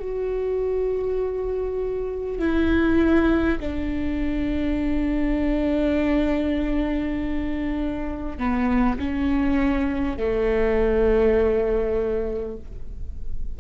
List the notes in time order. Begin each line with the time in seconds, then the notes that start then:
0.00 F#4
2.39 E4
3.61 D4
8.38 B3
8.99 C#4
10.18 A3